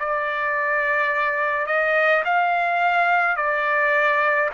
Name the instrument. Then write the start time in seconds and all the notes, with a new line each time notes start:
trumpet
0.00 D5
1.67 D#5
2.25 F5
3.37 D5